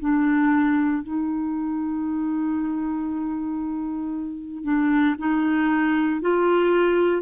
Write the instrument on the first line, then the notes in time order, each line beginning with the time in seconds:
clarinet
0.00 D4
1.03 D#4
4.64 D4
5.18 D#4
6.21 F4